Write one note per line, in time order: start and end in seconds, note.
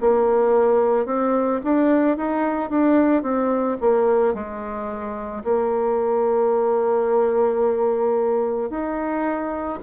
0.00 1.06 A#3
1.06 1.60 C4
1.63 2.16 D4
2.16 2.69 D#4
2.69 3.22 D4
3.22 3.77 C4
3.80 4.34 A#3
4.34 5.43 G#3
5.43 8.70 A#3
8.70 9.79 D#4